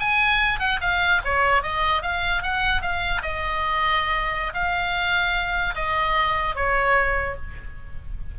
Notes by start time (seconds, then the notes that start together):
0.00 G#5
0.59 F#5
0.81 F5
1.24 C#5
1.62 D#5
2.02 F5
2.43 F#5
2.82 F5
3.22 D#5
4.54 F5
5.75 D#5
6.55 C#5